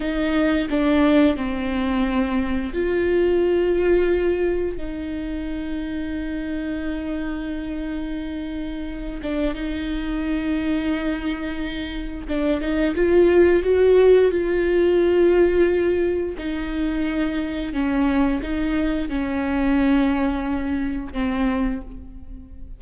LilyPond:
\new Staff \with { instrumentName = "viola" } { \time 4/4 \tempo 4 = 88 dis'4 d'4 c'2 | f'2. dis'4~ | dis'1~ | dis'4. d'8 dis'2~ |
dis'2 d'8 dis'8 f'4 | fis'4 f'2. | dis'2 cis'4 dis'4 | cis'2. c'4 | }